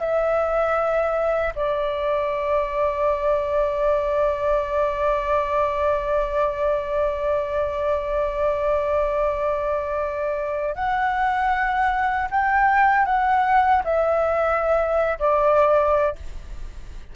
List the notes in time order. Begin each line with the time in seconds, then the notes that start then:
0.00 E5
1.56 D5
10.76 F#5
12.31 G5
13.06 F#5
13.85 E5
15.20 D5